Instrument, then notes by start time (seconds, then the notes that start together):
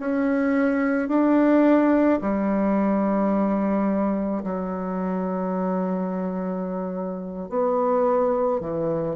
bassoon
0.00 C#4
1.09 D4
2.21 G3
4.43 F#3
7.49 B3
8.61 E3